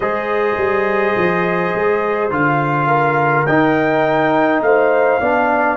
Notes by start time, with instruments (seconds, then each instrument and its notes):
0.00 tuba G#3, trombone G#4, horn C5, trumpet D#5
0.57 tuba G3
1.16 tuba F3
1.75 tuba G#3
2.30 tuba D3, trombone F4, trumpet F5
2.87 horn A#4
3.46 trombone D#4, tuba D#4, trumpet G5
4.61 tuba A3, horn C5, trumpet F5
5.20 tuba B3, trombone D4, horn D5